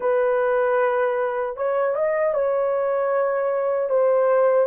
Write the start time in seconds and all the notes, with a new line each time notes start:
0.00 B4
1.56 C#5
1.95 D#5
2.34 C#5
3.89 C5